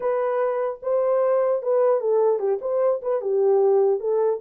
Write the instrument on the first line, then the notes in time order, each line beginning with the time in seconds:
horn
0.00 B4
0.82 C5
1.62 B4
2.00 A4
2.39 G4
2.61 C5
3.01 B4
3.21 G4
4.00 A4